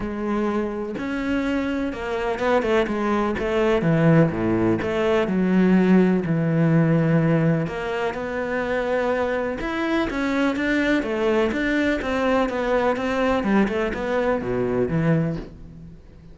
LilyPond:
\new Staff \with { instrumentName = "cello" } { \time 4/4 \tempo 4 = 125 gis2 cis'2 | ais4 b8 a8 gis4 a4 | e4 a,4 a4 fis4~ | fis4 e2. |
ais4 b2. | e'4 cis'4 d'4 a4 | d'4 c'4 b4 c'4 | g8 a8 b4 b,4 e4 | }